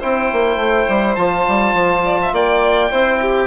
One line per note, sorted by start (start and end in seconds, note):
0.00 0.33 C4
0.00 1.18 E4
0.00 2.04 C5
0.00 1.16 G5
0.33 0.57 A#3
0.57 0.86 A3
0.89 1.17 G3
1.16 1.46 F3
1.16 2.92 F4
1.16 2.32 A5
1.48 1.74 G3
1.74 2.32 F3
2.04 2.19 D5
2.23 2.34 E5
2.33 2.91 A#3
2.33 2.91 D5
2.33 3.47 G5
2.91 3.47 C4
2.91 3.47 E4
2.91 3.20 C5
3.22 3.47 G4